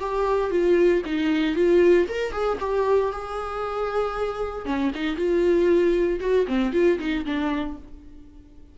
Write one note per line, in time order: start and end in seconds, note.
0.00 0.51 G4
0.51 1.03 F4
1.06 1.56 D#4
1.56 2.08 F4
2.09 2.33 A#4
2.33 2.58 G#4
2.61 3.12 G4
3.12 4.66 G#4
4.66 4.92 C#4
4.95 5.17 D#4
5.17 6.20 F4
6.21 6.47 F#4
6.48 6.73 C4
6.73 6.99 F4
6.99 7.25 D#4
7.26 7.78 D4